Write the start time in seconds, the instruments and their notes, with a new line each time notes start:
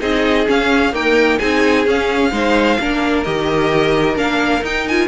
0.00 cello C4, viola D#4, violin G#4 D#5
0.47 viola C#4, cello C#4, violin F5
0.93 viola A#3, cello D#4, violin A#4 G5
1.39 cello C4, viola D#4, violin G#4 G#5
1.85 viola C#4, cello C#4, violin F5
2.32 cello G#3, viola D#4, violin C5
2.79 cello A#3, viola D4, violin A#4
3.24 cello D#3, viola G4, violin D#5
4.15 cello A#3, viola D4, violin F5
4.62 cello D#4, viola D#4, violin G5
4.88 viola F4, violin G#5